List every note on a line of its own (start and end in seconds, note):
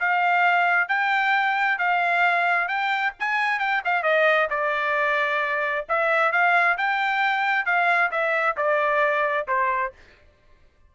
0.00 0.89 F5
0.89 1.79 G5
1.79 2.68 F5
2.68 3.14 G5
3.20 3.60 G#5
3.60 3.82 G5
3.85 4.03 F5
4.03 4.48 D#5
4.51 5.86 D5
5.89 6.33 E5
6.33 6.78 F5
6.78 7.66 G5
7.66 8.11 F5
8.12 8.57 E5
8.57 9.47 D5
9.48 9.93 C5